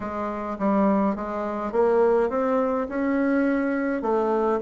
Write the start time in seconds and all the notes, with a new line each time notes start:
0.00 G#3
0.58 G3
1.15 G#3
1.72 A#3
2.29 C4
2.88 C#4
4.01 A3